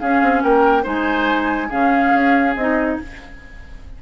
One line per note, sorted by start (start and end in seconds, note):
0.00 0.22 C#4
0.00 0.84 C#4
0.00 0.43 G#4
0.00 0.42 F5
0.22 0.43 C4
0.43 0.85 A#3
0.43 0.83 A#4
0.43 0.85 G5
0.83 1.71 G#3
0.83 1.68 D#4
0.83 1.68 C5
0.83 1.71 G#5
1.69 2.13 C#3
1.69 2.55 C#4
1.69 2.96 G#4
1.69 2.56 F5
2.14 2.56 C#4
2.56 2.98 C4
2.56 3.02 D#4
2.56 2.99 D#5